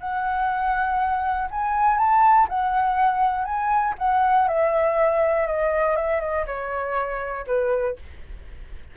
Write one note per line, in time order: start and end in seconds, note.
0.00 1.49 F#5
1.50 1.97 G#5
1.97 2.47 A5
2.49 3.45 F#5
3.45 3.94 G#5
3.98 4.48 F#5
4.48 5.47 E5
5.47 5.96 D#5
5.96 6.20 E5
6.20 6.45 D#5
6.46 7.45 C#5
7.47 7.96 B4